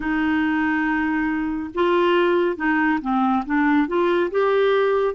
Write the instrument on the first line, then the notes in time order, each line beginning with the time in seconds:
clarinet
0.00 D#4
1.74 F4
2.56 D#4
3.01 C4
3.45 D4
3.87 F4
4.31 G4